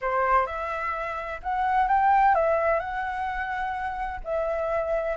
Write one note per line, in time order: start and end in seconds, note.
0.01 0.46 C5
0.46 1.40 E5
1.43 1.88 F#5
1.88 2.35 G5
2.35 2.79 E5
2.79 4.20 F#5
4.24 5.16 E5